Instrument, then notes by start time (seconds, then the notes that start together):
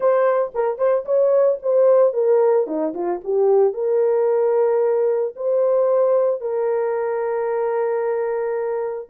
horn
0.00 C5
0.54 A#4
0.78 C5
1.05 C#5
1.62 C5
2.13 A#4
2.66 D#4
2.94 F4
3.24 G4
3.73 A#4
5.36 C5
6.40 A#4